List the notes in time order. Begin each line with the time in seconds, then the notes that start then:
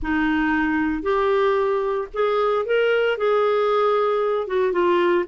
0.02 D#4
1.02 G4
2.13 G#4
2.65 A#4
3.17 G#4
4.47 F#4
4.72 F4